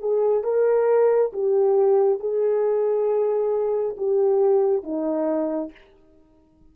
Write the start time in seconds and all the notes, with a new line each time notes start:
0.00 G#4
0.44 A#4
1.33 G4
2.20 G#4
3.98 G4
4.84 D#4